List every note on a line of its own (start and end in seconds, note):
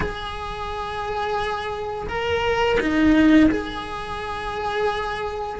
0.00 2.07 G#4
2.08 2.78 A#4
2.80 3.49 D#4
3.50 5.59 G#4